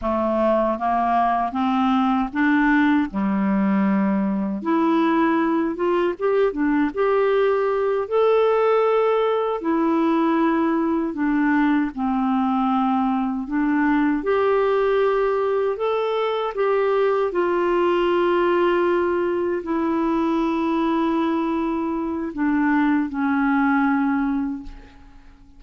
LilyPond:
\new Staff \with { instrumentName = "clarinet" } { \time 4/4 \tempo 4 = 78 a4 ais4 c'4 d'4 | g2 e'4. f'8 | g'8 d'8 g'4. a'4.~ | a'8 e'2 d'4 c'8~ |
c'4. d'4 g'4.~ | g'8 a'4 g'4 f'4.~ | f'4. e'2~ e'8~ | e'4 d'4 cis'2 | }